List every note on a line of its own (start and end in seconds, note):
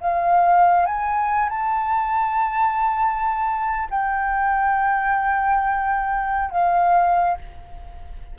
0.00 0.86 F5
0.86 1.49 G#5
1.49 3.88 A5
3.90 6.51 G5
6.51 7.38 F5